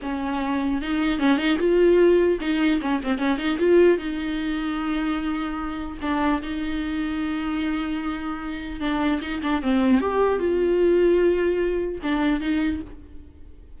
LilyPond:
\new Staff \with { instrumentName = "viola" } { \time 4/4 \tempo 4 = 150 cis'2 dis'4 cis'8 dis'8 | f'2 dis'4 cis'8 c'8 | cis'8 dis'8 f'4 dis'2~ | dis'2. d'4 |
dis'1~ | dis'2 d'4 dis'8 d'8 | c'4 g'4 f'2~ | f'2 d'4 dis'4 | }